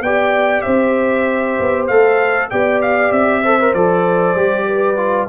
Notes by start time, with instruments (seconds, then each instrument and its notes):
0.00 tuba B3, trombone G4, horn D5, trumpet G5
0.61 tuba C4, horn C5, trumpet E5
1.59 tuba B3
1.87 tuba A3, trombone A4, trumpet F5
2.50 tuba B3, trombone G4, horn D5, trumpet G5
2.81 trumpet F5
3.11 tuba C4, trumpet E5
3.42 trombone A4, horn C5
3.60 trombone A#4
3.74 tuba F3, trombone A4, trumpet D5
4.35 tuba G3, trombone G4
4.66 horn B4
4.96 trombone F4